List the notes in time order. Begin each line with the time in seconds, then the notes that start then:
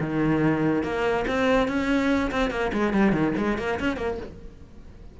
0.00 D#3
0.84 A#3
1.28 C4
1.68 C#4
2.31 C4
2.51 A#3
2.73 G#3
2.93 G3
3.13 D#3
3.37 G#3
3.58 A#3
3.80 C#4
3.97 A#3